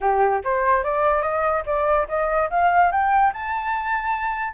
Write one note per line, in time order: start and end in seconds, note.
0.01 0.42 G4
0.44 0.83 C5
0.83 1.22 D5
1.22 1.63 D#5
1.66 2.07 D5
2.08 2.49 D#5
2.50 2.91 F5
2.91 3.33 G5
3.33 4.53 A5